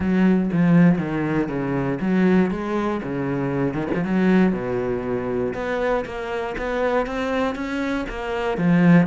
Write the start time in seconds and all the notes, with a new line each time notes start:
0.00 F#3
0.52 F3
0.98 D#3
1.48 C#3
2.00 F#3
2.50 G#3
3.03 C#3
3.74 D#3
3.94 F3
4.04 F#3
4.52 B2
5.54 B3
6.05 A#3
6.57 B3
7.06 C4
7.55 C#4
8.09 A#3
8.57 F3